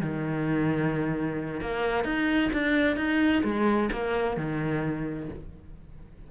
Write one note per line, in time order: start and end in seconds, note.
0.00 1.60 D#3
1.60 2.04 A#3
2.04 2.50 D#4
2.52 2.96 D4
2.96 3.42 D#4
3.43 3.90 G#3
3.92 4.37 A#3
4.37 5.29 D#3